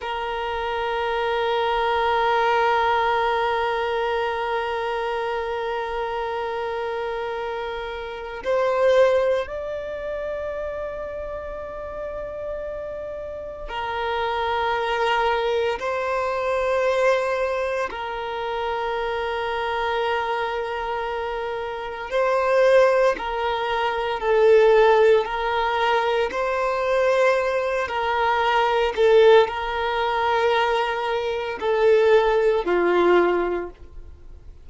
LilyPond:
\new Staff \with { instrumentName = "violin" } { \time 4/4 \tempo 4 = 57 ais'1~ | ais'1 | c''4 d''2.~ | d''4 ais'2 c''4~ |
c''4 ais'2.~ | ais'4 c''4 ais'4 a'4 | ais'4 c''4. ais'4 a'8 | ais'2 a'4 f'4 | }